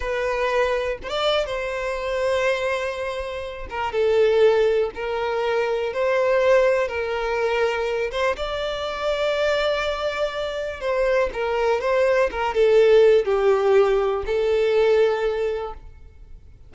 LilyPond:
\new Staff \with { instrumentName = "violin" } { \time 4/4 \tempo 4 = 122 b'2 c''16 d''8. c''4~ | c''2.~ c''8 ais'8 | a'2 ais'2 | c''2 ais'2~ |
ais'8 c''8 d''2.~ | d''2 c''4 ais'4 | c''4 ais'8 a'4. g'4~ | g'4 a'2. | }